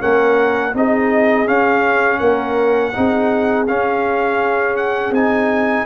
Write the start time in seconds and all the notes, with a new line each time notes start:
0.00 A#3 C#4 A#4 F#5
0.74 C4 D#4 G#4 D#5
1.47 C#4 F5
2.19 A#3 A#4 F#5
2.94 C4 D#4 G#4
3.67 C#4 F5
4.76 F#5
5.11 C4 D#4 G#5